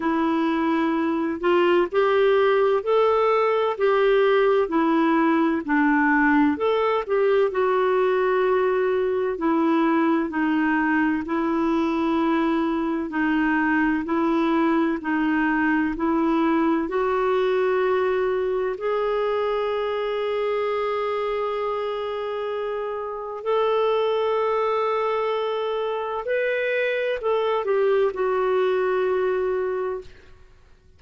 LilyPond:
\new Staff \with { instrumentName = "clarinet" } { \time 4/4 \tempo 4 = 64 e'4. f'8 g'4 a'4 | g'4 e'4 d'4 a'8 g'8 | fis'2 e'4 dis'4 | e'2 dis'4 e'4 |
dis'4 e'4 fis'2 | gis'1~ | gis'4 a'2. | b'4 a'8 g'8 fis'2 | }